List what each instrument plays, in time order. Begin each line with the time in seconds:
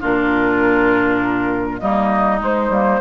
0.00 bassoon A#2, clarinet D4, oboe F4, flute A#4
1.79 bassoon G3, clarinet A#3, oboe D#4, flute D#5
2.39 clarinet G#3, bassoon G#3, flute C5
2.69 bassoon G3, clarinet A#3